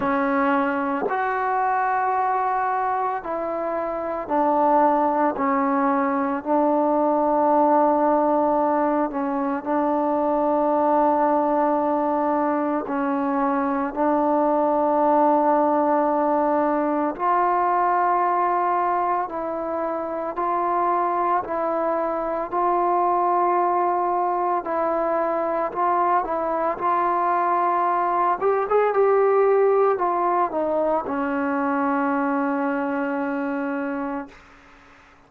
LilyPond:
\new Staff \with { instrumentName = "trombone" } { \time 4/4 \tempo 4 = 56 cis'4 fis'2 e'4 | d'4 cis'4 d'2~ | d'8 cis'8 d'2. | cis'4 d'2. |
f'2 e'4 f'4 | e'4 f'2 e'4 | f'8 e'8 f'4. g'16 gis'16 g'4 | f'8 dis'8 cis'2. | }